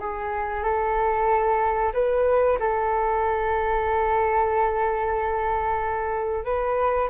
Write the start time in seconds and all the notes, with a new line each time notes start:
0.00 G#4
0.64 A4
1.94 B4
2.60 A4
6.45 B4